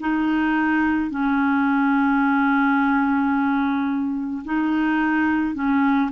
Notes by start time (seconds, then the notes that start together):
0.00 D#4
1.10 C#4
4.44 D#4
5.54 C#4